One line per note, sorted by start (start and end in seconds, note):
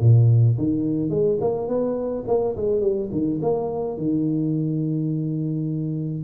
0.00 0.57 A#2
0.57 1.10 D#3
1.10 1.38 G#3
1.40 1.67 A#3
1.67 2.24 B3
2.27 2.55 A#3
2.56 2.81 G#3
2.81 3.09 G3
3.12 3.40 D#3
3.41 3.97 A#3
3.97 6.23 D#3